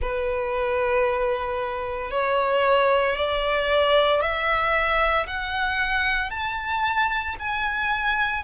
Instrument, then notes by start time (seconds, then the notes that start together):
violin
0.01 B4
2.11 C#5
3.16 D5
4.21 E5
5.26 F#5
6.30 A5
7.39 G#5